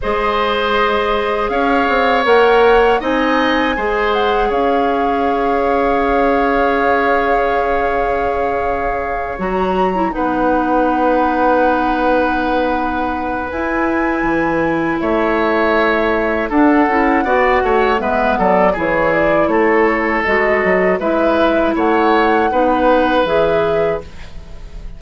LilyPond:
<<
  \new Staff \with { instrumentName = "flute" } { \time 4/4 \tempo 4 = 80 dis''2 f''4 fis''4 | gis''4. fis''8 f''2~ | f''1~ | f''8 ais''4 fis''2~ fis''8~ |
fis''2 gis''2 | e''2 fis''2 | e''8 d''8 cis''8 d''8 cis''4 dis''4 | e''4 fis''2 e''4 | }
  \new Staff \with { instrumentName = "oboe" } { \time 4/4 c''2 cis''2 | dis''4 c''4 cis''2~ | cis''1~ | cis''4. b'2~ b'8~ |
b'1 | cis''2 a'4 d''8 cis''8 | b'8 a'8 gis'4 a'2 | b'4 cis''4 b'2 | }
  \new Staff \with { instrumentName = "clarinet" } { \time 4/4 gis'2. ais'4 | dis'4 gis'2.~ | gis'1~ | gis'8 fis'8. e'16 dis'2~ dis'8~ |
dis'2 e'2~ | e'2 d'8 e'8 fis'4 | b4 e'2 fis'4 | e'2 dis'4 gis'4 | }
  \new Staff \with { instrumentName = "bassoon" } { \time 4/4 gis2 cis'8 c'8 ais4 | c'4 gis4 cis'2~ | cis'1~ | cis'8 fis4 b2~ b8~ |
b2 e'4 e4 | a2 d'8 cis'8 b8 a8 | gis8 fis8 e4 a4 gis8 fis8 | gis4 a4 b4 e4 | }
>>